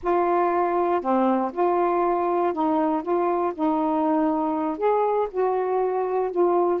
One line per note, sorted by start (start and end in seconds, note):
0.03 1.01 F4
1.01 1.51 C4
1.52 2.53 F4
2.53 3.02 D#4
3.02 3.52 F4
3.54 4.77 D#4
4.77 5.28 G#4
5.31 6.31 F#4
6.31 6.80 F4